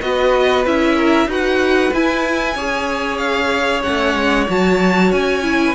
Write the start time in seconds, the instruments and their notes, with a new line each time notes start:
0.00 cello B3, viola F#4, violin B4 D#5
0.65 cello C#4, viola E4, violin E5
0.95 violin A#4
1.26 cello D#4, viola F#4, violin B4 F#5
1.93 cello E4, viola E4, violin G#5
2.55 cello C#4, viola G#4, violin C#5
3.17 violin F5
3.83 cello A3, viola C#4, violin F#5
4.14 cello G#3
4.48 cello F#3, viola F#4, violin A5
5.12 cello C#4, violin G#5
5.43 viola E4
5.64 violin B4